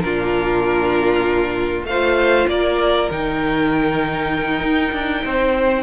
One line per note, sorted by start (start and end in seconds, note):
0.00 1.85 A#2
0.00 1.87 D4
0.00 1.88 F4
0.00 1.84 A#4
1.85 2.46 A3
1.85 3.11 F4
1.85 2.50 C5
1.85 2.48 F5
2.48 3.09 A#3
2.48 5.25 A#4
2.48 3.10 D5
3.11 4.61 D#3
3.11 5.83 D#4
3.11 5.83 G5
4.61 4.92 D#4
4.92 5.23 D4
5.25 5.83 C4
5.25 5.83 C5